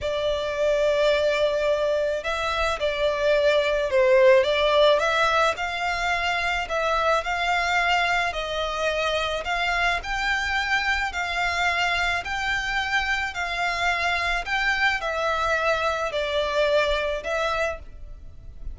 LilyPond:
\new Staff \with { instrumentName = "violin" } { \time 4/4 \tempo 4 = 108 d''1 | e''4 d''2 c''4 | d''4 e''4 f''2 | e''4 f''2 dis''4~ |
dis''4 f''4 g''2 | f''2 g''2 | f''2 g''4 e''4~ | e''4 d''2 e''4 | }